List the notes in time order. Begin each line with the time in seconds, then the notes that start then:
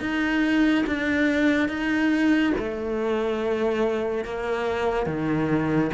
0.00 D#4
0.87 D4
1.69 D#4
2.59 A3
4.24 A#3
5.06 D#3